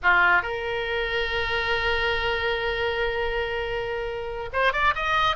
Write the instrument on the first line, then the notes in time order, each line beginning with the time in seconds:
oboe
0.03 F4
0.42 A#4
4.52 C5
4.72 D5
4.95 D#5